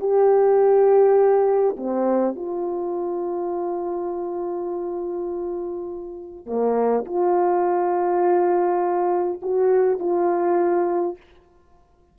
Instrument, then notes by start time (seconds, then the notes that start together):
horn
0.00 G4
1.77 C4
2.36 F4
6.47 A#3
7.06 F4
9.43 F#4
10.00 F4